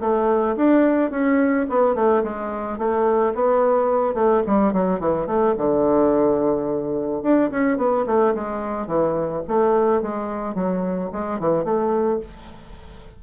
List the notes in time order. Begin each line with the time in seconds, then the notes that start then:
0.00 A3
0.56 D4
1.10 C#4
1.69 B3
1.95 A3
2.23 G#3
2.78 A3
3.34 B3
4.14 A3
4.46 G3
4.72 F#3
4.99 E3
5.26 A3
5.57 D3
7.22 D4
7.50 C#4
7.77 B3
8.06 A3
8.34 G#3
8.86 E3
9.47 A3
10.01 G#3
10.54 F#3
11.12 G#3
11.39 E3
11.64 A3